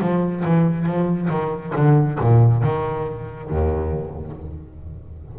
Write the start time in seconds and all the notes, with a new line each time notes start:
0.00 F3
0.44 E3
0.85 F3
1.29 D#3
1.75 D3
2.20 A#2
2.62 D#3
3.49 D#2